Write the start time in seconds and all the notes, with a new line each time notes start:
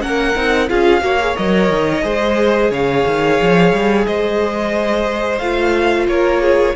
0.00 A#3 C#4 A#4 F#5
0.35 C4 D#4
0.69 C#4 F4 G#4 F5
1.01 A#3 F#4 C#5
1.20 G#4
1.35 F#3 A#4 D#5
1.70 D#3
2.02 G#3 G#4 C5
2.71 C#3 C#5 F5
3.07 D#3
3.42 F3
3.72 G3
4.06 G#3 C5 D#5
5.39 A3 F4 F5
6.08 A#3 A#4 C#5
6.42 G#4